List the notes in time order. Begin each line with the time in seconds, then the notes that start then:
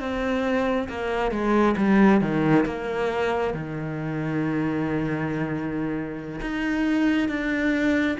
0.00 C4
0.89 A#3
1.32 G#3
1.77 G3
2.21 D#3
2.66 A#3
3.54 D#3
6.41 D#4
7.29 D4